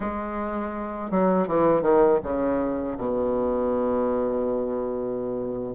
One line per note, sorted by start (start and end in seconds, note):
0.00 1.10 G#3
1.10 1.47 F#3
1.47 1.81 E3
1.81 2.19 D#3
2.23 2.97 C#3
2.97 5.74 B2